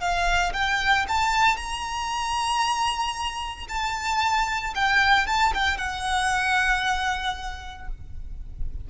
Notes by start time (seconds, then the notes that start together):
0.00 F5
0.53 G5
1.08 A5
1.56 A#5
3.68 A5
4.75 G5
5.26 A5
5.54 G5
5.77 F#5